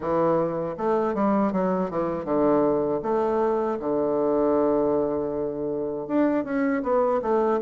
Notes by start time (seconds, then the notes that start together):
0.00 E3
0.77 A3
1.14 G3
1.52 F#3
1.90 E3
2.24 D3
3.02 A3
3.79 D3
6.07 D4
6.44 C#4
6.82 B3
7.22 A3